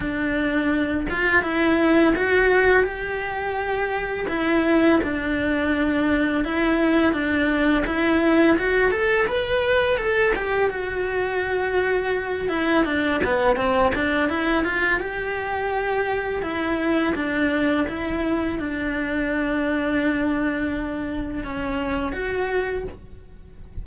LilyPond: \new Staff \with { instrumentName = "cello" } { \time 4/4 \tempo 4 = 84 d'4. f'8 e'4 fis'4 | g'2 e'4 d'4~ | d'4 e'4 d'4 e'4 | fis'8 a'8 b'4 a'8 g'8 fis'4~ |
fis'4. e'8 d'8 b8 c'8 d'8 | e'8 f'8 g'2 e'4 | d'4 e'4 d'2~ | d'2 cis'4 fis'4 | }